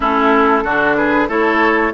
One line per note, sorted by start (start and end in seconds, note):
0.00 0.63 A3
0.00 0.64 C#4
0.00 0.64 E4
0.00 0.96 A4
0.63 1.28 D3
0.63 1.28 D4
0.63 0.96 F#4
0.96 1.28 G#4
0.96 1.28 B4
1.28 1.92 A3
1.28 1.92 E4
1.28 1.92 A4
1.28 1.93 C#5